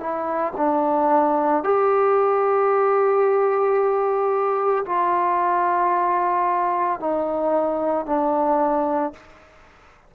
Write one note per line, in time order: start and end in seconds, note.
0.00 0.54 E4
0.57 1.64 D4
1.64 4.85 G4
4.86 7.00 F4
7.00 8.06 D#4
8.06 9.13 D4